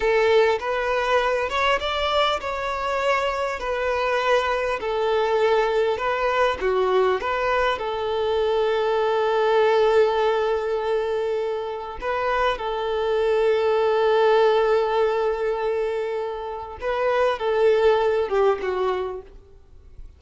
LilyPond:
\new Staff \with { instrumentName = "violin" } { \time 4/4 \tempo 4 = 100 a'4 b'4. cis''8 d''4 | cis''2 b'2 | a'2 b'4 fis'4 | b'4 a'2.~ |
a'1 | b'4 a'2.~ | a'1 | b'4 a'4. g'8 fis'4 | }